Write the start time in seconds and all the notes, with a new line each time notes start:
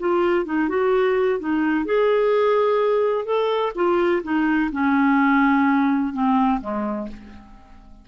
0.00 F4
0.46 D#4
0.69 F#4
1.40 D#4
1.86 G#4
3.26 A4
3.76 F4
4.23 D#4
4.73 C#4
6.14 C4
6.61 G#3